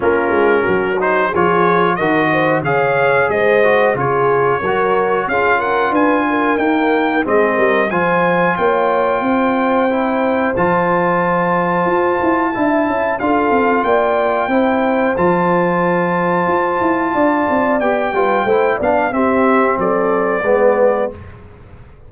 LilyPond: <<
  \new Staff \with { instrumentName = "trumpet" } { \time 4/4 \tempo 4 = 91 ais'4. c''8 cis''4 dis''4 | f''4 dis''4 cis''2 | f''8 fis''8 gis''4 g''4 dis''4 | gis''4 g''2. |
a''1 | f''4 g''2 a''4~ | a''2. g''4~ | g''8 f''8 e''4 d''2 | }
  \new Staff \with { instrumentName = "horn" } { \time 4/4 f'4 fis'4 gis'4 ais'8 c''8 | cis''4 c''4 gis'4 ais'4 | gis'8 ais'8 b'8 ais'4. gis'8 ais'8 | c''4 cis''4 c''2~ |
c''2. e''4 | a'4 d''4 c''2~ | c''2 d''4. b'8 | c''8 d''8 g'4 a'4 b'4 | }
  \new Staff \with { instrumentName = "trombone" } { \time 4/4 cis'4. dis'8 f'4 fis'4 | gis'4. fis'8 f'4 fis'4 | f'2 ais4 c'4 | f'2. e'4 |
f'2. e'4 | f'2 e'4 f'4~ | f'2. g'8 f'8 | e'8 d'8 c'2 b4 | }
  \new Staff \with { instrumentName = "tuba" } { \time 4/4 ais8 gis8 fis4 f4 dis4 | cis4 gis4 cis4 fis4 | cis'4 d'4 dis'4 gis8 g8 | f4 ais4 c'2 |
f2 f'8 e'8 d'8 cis'8 | d'8 c'8 ais4 c'4 f4~ | f4 f'8 e'8 d'8 c'8 b8 g8 | a8 b8 c'4 fis4 gis4 | }
>>